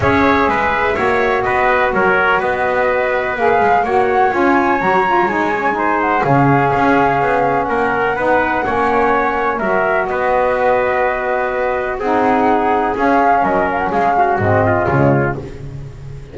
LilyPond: <<
  \new Staff \with { instrumentName = "flute" } { \time 4/4 \tempo 4 = 125 e''2. dis''4 | cis''4 dis''2 f''4 | fis''4 gis''4 ais''4 gis''4~ | gis''8 fis''8 f''2. |
fis''1 | e''4 dis''2.~ | dis''4 fis''2 f''4 | dis''8 f''16 fis''16 f''4 dis''4 cis''4 | }
  \new Staff \with { instrumentName = "trumpet" } { \time 4/4 cis''4 b'4 cis''4 b'4 | ais'4 b'2. | cis''1 | c''4 gis'2. |
ais'4 b'4 cis''2 | ais'4 b'2.~ | b'4 gis'2. | ais'4 gis'8 fis'4 f'4. | }
  \new Staff \with { instrumentName = "saxophone" } { \time 4/4 gis'2 fis'2~ | fis'2. gis'4 | fis'4 f'4 fis'8 f'8 dis'8 cis'8 | dis'4 cis'2.~ |
cis'4 dis'4 cis'2 | fis'1~ | fis'4 dis'2 cis'4~ | cis'2 c'4 gis4 | }
  \new Staff \with { instrumentName = "double bass" } { \time 4/4 cis'4 gis4 ais4 b4 | fis4 b2 ais8 gis8 | ais4 cis'4 fis4 gis4~ | gis4 cis4 cis'4 b4 |
ais4 b4 ais2 | fis4 b2.~ | b4 c'2 cis'4 | fis4 gis4 gis,4 cis4 | }
>>